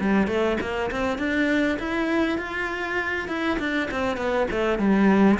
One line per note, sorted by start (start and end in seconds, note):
0.00 0.28 G3
0.28 0.58 A3
0.61 0.91 A#3
0.91 1.18 C4
1.18 1.78 D4
1.79 2.38 E4
2.38 3.28 F4
3.28 3.58 E4
3.59 3.89 D4
3.91 4.17 C4
4.17 4.47 B3
4.51 4.79 A3
4.79 5.39 G3